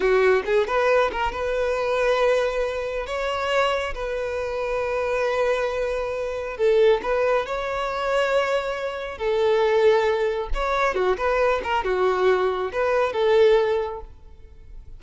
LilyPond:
\new Staff \with { instrumentName = "violin" } { \time 4/4 \tempo 4 = 137 fis'4 gis'8 b'4 ais'8 b'4~ | b'2. cis''4~ | cis''4 b'2.~ | b'2. a'4 |
b'4 cis''2.~ | cis''4 a'2. | cis''4 fis'8 b'4 ais'8 fis'4~ | fis'4 b'4 a'2 | }